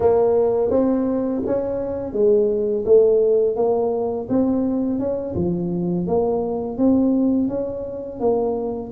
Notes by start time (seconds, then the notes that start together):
0.00 A#3
0.70 C4
1.46 C#4
2.12 G#3
2.85 A3
3.56 A#3
4.29 C4
4.99 C#4
5.35 F3
6.06 A#3
6.77 C4
7.48 C#4
8.20 A#3